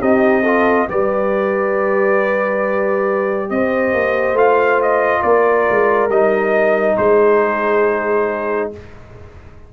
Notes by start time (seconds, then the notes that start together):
0.00 C4 D#4 G4 D#5
0.43 F4 A4
0.89 G3 G4 B4 D5
3.50 C4 C5 D#5
3.94 A#3
4.33 A3 F4 F5
4.82 D#5
5.22 A#3 A#4 D5
5.70 G#3
6.09 G3 D#4 D#5
6.97 G#3 G#4 C5